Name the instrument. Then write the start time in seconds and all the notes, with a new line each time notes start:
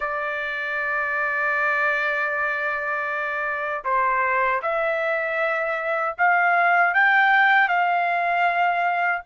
trumpet
0.00 D5
3.84 C5
4.62 E5
6.18 F5
6.94 G5
7.68 F5